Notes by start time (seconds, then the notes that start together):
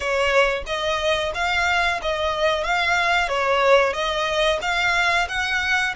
0.00 C#5
0.66 D#5
1.34 F5
2.01 D#5
2.64 F5
3.28 C#5
3.93 D#5
4.61 F5
5.28 F#5